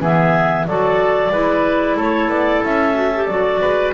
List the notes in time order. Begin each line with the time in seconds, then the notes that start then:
0.00 E3 B3 G#4 E5
0.67 F#3 F#4 A4 D5
1.30 G#3 E4 B4
1.97 A3 A4 C#5
2.29 B3 D5
2.64 C#4 E5
2.95 F#4
3.15 G4
3.26 F#3 F#4 D5
3.61 G#3 B4